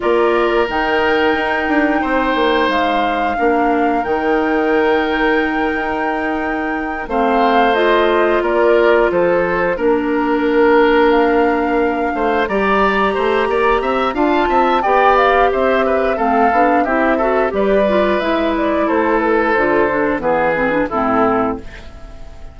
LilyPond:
<<
  \new Staff \with { instrumentName = "flute" } { \time 4/4 \tempo 4 = 89 d''4 g''2. | f''2 g''2~ | g''2~ g''8 f''4 dis''8~ | dis''8 d''4 c''4 ais'4.~ |
ais'8 f''2 ais''4.~ | ais''4 a''4 g''8 f''8 e''4 | f''4 e''4 d''4 e''8 d''8 | c''8 b'8 c''4 b'4 a'4 | }
  \new Staff \with { instrumentName = "oboe" } { \time 4/4 ais'2. c''4~ | c''4 ais'2.~ | ais'2~ ais'8 c''4.~ | c''8 ais'4 a'4 ais'4.~ |
ais'2 c''8 d''4 c''8 | d''8 e''8 f''8 e''8 d''4 c''8 b'8 | a'4 g'8 a'8 b'2 | a'2 gis'4 e'4 | }
  \new Staff \with { instrumentName = "clarinet" } { \time 4/4 f'4 dis'2.~ | dis'4 d'4 dis'2~ | dis'2~ dis'8 c'4 f'8~ | f'2~ f'8 d'4.~ |
d'2~ d'8 g'4.~ | g'4 f'4 g'2 | c'8 d'8 e'8 fis'8 g'8 f'8 e'4~ | e'4 f'8 d'8 b8 c'16 d'16 c'4 | }
  \new Staff \with { instrumentName = "bassoon" } { \time 4/4 ais4 dis4 dis'8 d'8 c'8 ais8 | gis4 ais4 dis2~ | dis8 dis'2 a4.~ | a8 ais4 f4 ais4.~ |
ais2 a8 g4 a8 | ais8 c'8 d'8 c'8 b4 c'4 | a8 b8 c'4 g4 gis4 | a4 d4 e4 a,4 | }
>>